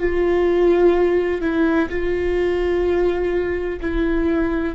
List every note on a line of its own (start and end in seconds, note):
0.00 1.42 F4
1.42 1.90 E4
1.90 3.81 F4
3.81 4.76 E4